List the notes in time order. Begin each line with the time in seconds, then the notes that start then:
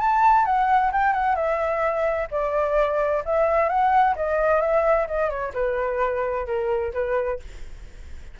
0.00 A5
0.45 F#5
0.92 G5
1.13 F#5
1.36 E5
2.31 D5
3.25 E5
3.69 F#5
4.16 D#5
4.61 E5
5.07 D#5
5.30 C#5
5.54 B4
6.46 A#4
6.93 B4